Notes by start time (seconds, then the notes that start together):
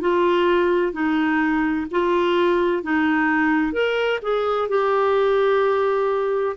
0.00 F4
0.92 D#4
1.90 F4
2.83 D#4
3.72 A#4
4.22 G#4
4.68 G4